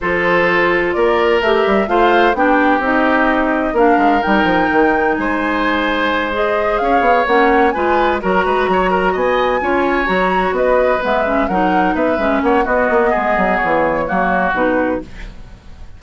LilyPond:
<<
  \new Staff \with { instrumentName = "flute" } { \time 4/4 \tempo 4 = 128 c''2 d''4 e''4 | f''4 g''4 dis''2 | f''4 g''2 gis''4~ | gis''4. dis''4 f''4 fis''8~ |
fis''8 gis''4 ais''2 gis''8~ | gis''4. ais''4 dis''4 e''8~ | e''8 fis''4 e''4 fis''8 dis''4~ | dis''4 cis''2 b'4 | }
  \new Staff \with { instrumentName = "oboe" } { \time 4/4 a'2 ais'2 | c''4 g'2. | ais'2. c''4~ | c''2~ c''8 cis''4.~ |
cis''8 b'4 ais'8 b'8 cis''8 ais'8 dis''8~ | dis''8 cis''2 b'4.~ | b'8 ais'4 b'4 cis''8 fis'4 | gis'2 fis'2 | }
  \new Staff \with { instrumentName = "clarinet" } { \time 4/4 f'2. g'4 | f'4 d'4 dis'2 | d'4 dis'2.~ | dis'4. gis'2 cis'8~ |
cis'8 f'4 fis'2~ fis'8~ | fis'8 f'4 fis'2 b8 | cis'8 dis'4. cis'4 b4~ | b2 ais4 dis'4 | }
  \new Staff \with { instrumentName = "bassoon" } { \time 4/4 f2 ais4 a8 g8 | a4 b4 c'2 | ais8 gis8 g8 f8 dis4 gis4~ | gis2~ gis8 cis'8 b8 ais8~ |
ais8 gis4 fis8 gis8 fis4 b8~ | b8 cis'4 fis4 b4 gis8~ | gis8 fis4 b8 gis8 ais8 b8 ais8 | gis8 fis8 e4 fis4 b,4 | }
>>